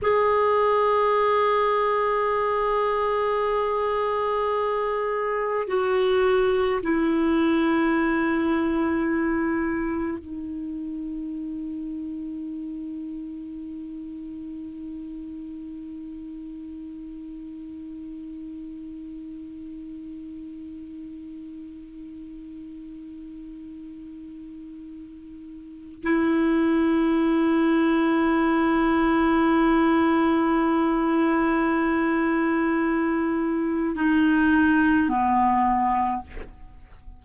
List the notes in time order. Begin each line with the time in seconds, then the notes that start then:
0.02 G#4
5.67 F#4
6.82 E4
10.18 D#4
26.03 E4
33.95 D#4
35.08 B3